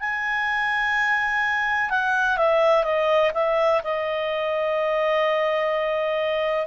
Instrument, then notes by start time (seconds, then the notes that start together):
clarinet
0.00 G#5
1.90 F#5
2.37 E5
2.84 D#5
3.34 E5
3.84 D#5